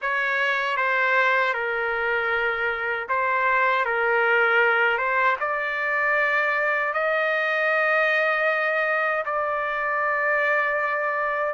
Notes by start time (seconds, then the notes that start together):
0.01 C#5
0.76 C5
1.53 A#4
3.08 C5
3.85 A#4
4.98 C5
5.40 D5
6.93 D#5
9.25 D5